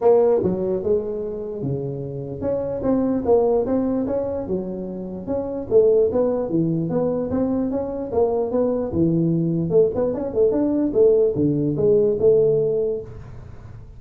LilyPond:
\new Staff \with { instrumentName = "tuba" } { \time 4/4 \tempo 4 = 148 ais4 fis4 gis2 | cis2 cis'4 c'4 | ais4 c'4 cis'4 fis4~ | fis4 cis'4 a4 b4 |
e4 b4 c'4 cis'4 | ais4 b4 e2 | a8 b8 cis'8 a8 d'4 a4 | d4 gis4 a2 | }